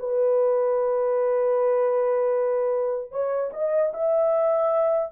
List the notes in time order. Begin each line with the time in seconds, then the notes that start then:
0.00 B4
3.12 C#5
3.53 D#5
3.94 E5